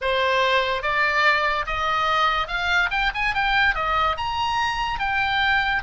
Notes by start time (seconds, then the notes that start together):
0.01 C5
0.82 D5
1.66 D#5
2.47 F5
2.90 G5
3.14 G#5
3.34 G5
3.74 D#5
4.17 A#5
4.99 G5